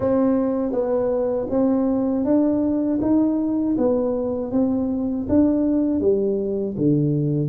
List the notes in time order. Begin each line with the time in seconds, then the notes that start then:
0.00 C4
0.72 B3
1.50 C4
2.24 D4
3.01 D#4
3.77 B3
4.51 C4
5.29 D4
6.00 G3
6.77 D3